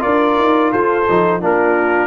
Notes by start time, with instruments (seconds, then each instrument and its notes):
0.00 trombone F4, horn A#4, trumpet D5
0.06 tuba D4
0.39 tuba D#4
0.72 tuba F4, horn A4, trumpet C5
1.10 tuba F3, trombone D#4
1.41 tuba A#3, trombone D4, horn F4, trumpet A#4